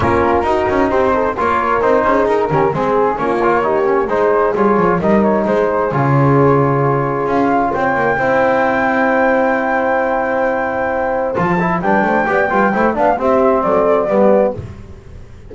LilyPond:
<<
  \new Staff \with { instrumentName = "flute" } { \time 4/4 \tempo 4 = 132 ais'2 c''4 cis''4 | c''4 ais'4 gis'4 cis''4~ | cis''4 c''4 cis''4 dis''8 cis''8 | c''4 cis''2. |
f''4 g''2.~ | g''1~ | g''4 a''4 g''2~ | g''8 f''8 e''4 d''2 | }
  \new Staff \with { instrumentName = "horn" } { \time 4/4 f'4 fis'4 g'8 a'8 ais'4~ | ais'8 gis'4 g'8 gis'4 f'4 | g'4 gis'2 ais'4 | gis'1~ |
gis'4 cis''4 c''2~ | c''1~ | c''2 b'8 c''8 d''8 b'8 | c''8 d''8 g'4 a'4 g'4 | }
  \new Staff \with { instrumentName = "trombone" } { \time 4/4 cis'4 dis'2 f'4 | dis'4. cis'8 c'4 cis'8 f'8 | dis'8 cis'8 dis'4 f'4 dis'4~ | dis'4 f'2.~ |
f'2 e'2~ | e'1~ | e'4 f'8 e'8 d'4 g'8 f'8 | e'8 d'8 c'2 b4 | }
  \new Staff \with { instrumentName = "double bass" } { \time 4/4 ais4 dis'8 cis'8 c'4 ais4 | c'8 cis'8 dis'8 dis8 gis4 ais4~ | ais4 gis4 g8 f8 g4 | gis4 cis2. |
cis'4 c'8 ais8 c'2~ | c'1~ | c'4 f4 g8 a8 b8 g8 | a8 b8 c'4 fis4 g4 | }
>>